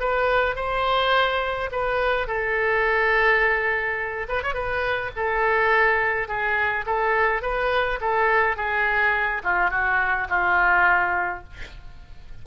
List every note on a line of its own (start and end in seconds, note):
0.00 0.56 B4
0.56 1.70 C5
1.72 2.27 B4
2.27 4.27 A4
4.29 4.43 B4
4.43 4.54 C#5
4.54 5.11 B4
5.16 6.28 A4
6.28 6.85 G#4
6.86 7.42 A4
7.42 7.99 B4
8.01 8.56 A4
8.56 9.42 G#4
9.43 9.70 F4
9.70 10.27 F#4
10.29 11.44 F4